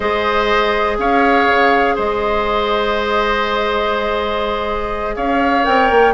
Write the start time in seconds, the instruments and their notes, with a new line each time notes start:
0.00 bassoon G#3, clarinet G#4, oboe C5, flute D#5
0.98 bassoon C#4, oboe C#5, flute F5
1.47 bassoon C#3
1.95 bassoon G#3, oboe C5, flute D#5
5.16 bassoon C#4, oboe C#5, flute F5
5.64 bassoon C4, clarinet A#4, flute G5
5.91 bassoon A#3